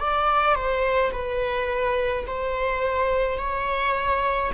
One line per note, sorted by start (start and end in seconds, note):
0.00 0.55 D5
0.55 1.12 C5
1.13 2.26 B4
2.27 3.38 C5
3.38 4.51 C#5